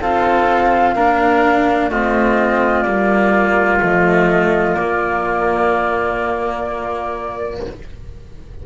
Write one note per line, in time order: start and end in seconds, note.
0.00 0.96 C4
0.00 0.95 F4
0.00 0.95 A4
0.00 1.91 F5
0.95 1.89 A#3
0.95 1.91 D4
0.95 1.90 A#4
1.89 2.84 A3
1.89 2.85 C4
1.89 7.62 F4
1.89 2.82 D#5
2.82 3.80 G3
2.82 3.80 A#3
2.82 3.77 D5
3.80 4.74 F3
3.80 4.75 A3
3.80 4.74 D#5
4.74 7.60 A#3
4.74 7.60 D5
4.80 7.66 A#3